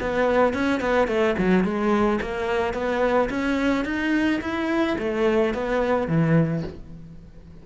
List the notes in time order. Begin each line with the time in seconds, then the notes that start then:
0.00 B3
0.53 C#4
0.80 B3
1.07 A3
1.38 F#3
1.64 G#3
2.21 A#3
2.73 B3
3.29 C#4
3.85 D#4
4.41 E4
4.98 A3
5.54 B3
6.07 E3